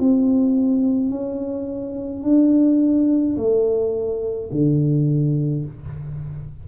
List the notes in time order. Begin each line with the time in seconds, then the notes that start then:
0.00 C4
1.11 C#4
2.23 D4
3.37 A3
4.52 D3